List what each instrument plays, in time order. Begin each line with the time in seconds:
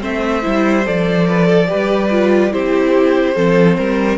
0.00 cello A3, viola C4, violin C5 E5
0.42 cello G3, viola E4
0.85 cello F3, viola A4, violin D5
1.28 violin B4
1.47 violin A4
1.67 viola G4, violin B4
1.74 cello G3
2.11 viola F4
2.51 cello C4, viola E4, violin G4 C5
3.35 cello F3, viola C4, violin A4
3.77 cello G3, violin A#4